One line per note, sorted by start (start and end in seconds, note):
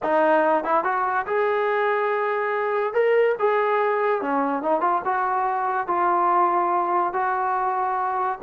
0.02 0.64 D#4
0.64 0.84 E4
0.84 1.25 F#4
1.26 2.93 G#4
2.93 3.35 A#4
3.39 4.21 G#4
4.21 4.62 C#4
4.62 4.80 D#4
4.80 5.01 F4
5.04 5.87 F#4
5.87 7.13 F4
7.13 8.39 F#4